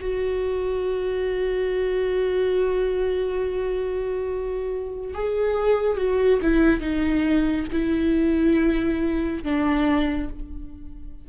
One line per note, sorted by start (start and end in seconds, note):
0.00 5.14 F#4
5.14 5.97 G#4
5.97 6.40 F#4
6.42 6.81 E4
6.81 7.66 D#4
7.72 9.43 E4
9.43 10.29 D4